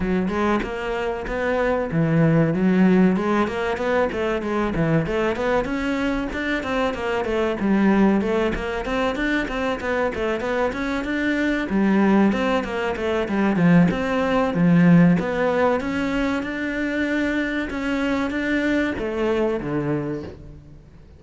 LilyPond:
\new Staff \with { instrumentName = "cello" } { \time 4/4 \tempo 4 = 95 fis8 gis8 ais4 b4 e4 | fis4 gis8 ais8 b8 a8 gis8 e8 | a8 b8 cis'4 d'8 c'8 ais8 a8 | g4 a8 ais8 c'8 d'8 c'8 b8 |
a8 b8 cis'8 d'4 g4 c'8 | ais8 a8 g8 f8 c'4 f4 | b4 cis'4 d'2 | cis'4 d'4 a4 d4 | }